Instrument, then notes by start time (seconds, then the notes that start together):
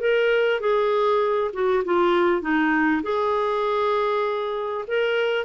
clarinet
0.00 A#4
0.60 G#4
1.53 F#4
1.85 F4
2.41 D#4
3.03 G#4
4.87 A#4